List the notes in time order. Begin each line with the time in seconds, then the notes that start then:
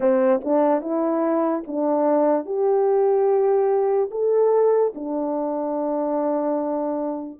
0.00 C4
0.44 D4
0.81 E4
1.67 D4
2.45 G4
4.11 A4
4.95 D4